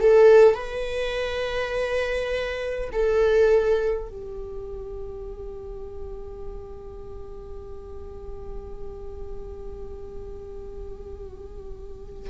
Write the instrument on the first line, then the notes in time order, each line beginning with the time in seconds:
viola
0.00 A4
0.55 B4
2.92 A4
4.09 G4